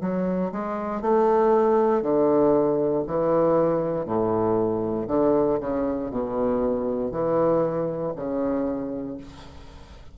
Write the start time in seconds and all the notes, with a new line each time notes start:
0.00 F#3
0.51 G#3
1.01 A3
2.02 D3
3.06 E3
4.05 A2
5.07 D3
5.60 C#3
6.10 B2
7.11 E3
8.15 C#3